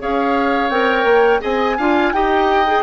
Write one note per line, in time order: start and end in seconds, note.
0.00 0.70 C#4
0.00 0.71 G#4
0.00 1.42 C#5
0.00 0.70 F5
0.70 1.04 C4
0.70 1.41 A#4
0.70 1.41 G5
1.04 1.40 A#3
1.41 1.79 C4
1.41 1.76 G#4
1.41 1.77 D#5
1.41 2.13 G#5
1.78 2.13 D4
1.78 2.14 F4
1.78 2.13 F5
2.13 2.83 D#4
2.13 2.66 G4
2.13 2.83 D#5
2.13 2.83 G5
2.67 2.83 G#4